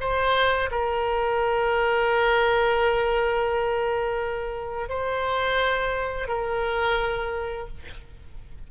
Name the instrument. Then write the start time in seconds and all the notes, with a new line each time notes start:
oboe
0.00 C5
0.71 A#4
4.89 C5
6.28 A#4